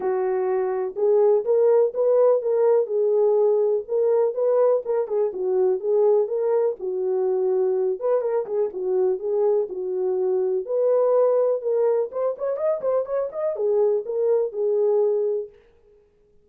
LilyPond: \new Staff \with { instrumentName = "horn" } { \time 4/4 \tempo 4 = 124 fis'2 gis'4 ais'4 | b'4 ais'4 gis'2 | ais'4 b'4 ais'8 gis'8 fis'4 | gis'4 ais'4 fis'2~ |
fis'8 b'8 ais'8 gis'8 fis'4 gis'4 | fis'2 b'2 | ais'4 c''8 cis''8 dis''8 c''8 cis''8 dis''8 | gis'4 ais'4 gis'2 | }